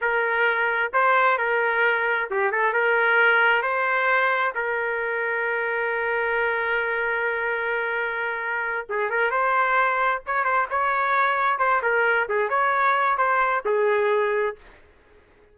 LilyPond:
\new Staff \with { instrumentName = "trumpet" } { \time 4/4 \tempo 4 = 132 ais'2 c''4 ais'4~ | ais'4 g'8 a'8 ais'2 | c''2 ais'2~ | ais'1~ |
ais'2.~ ais'8 gis'8 | ais'8 c''2 cis''8 c''8 cis''8~ | cis''4. c''8 ais'4 gis'8 cis''8~ | cis''4 c''4 gis'2 | }